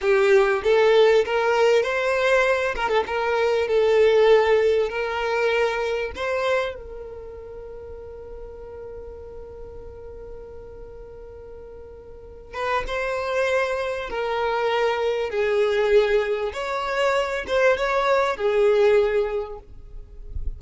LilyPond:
\new Staff \with { instrumentName = "violin" } { \time 4/4 \tempo 4 = 98 g'4 a'4 ais'4 c''4~ | c''8 ais'16 a'16 ais'4 a'2 | ais'2 c''4 ais'4~ | ais'1~ |
ais'1~ | ais'8 b'8 c''2 ais'4~ | ais'4 gis'2 cis''4~ | cis''8 c''8 cis''4 gis'2 | }